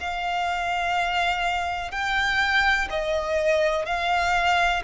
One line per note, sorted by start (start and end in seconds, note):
0.00 1.91 F5
1.91 2.88 G5
2.90 3.85 D#5
3.85 4.82 F5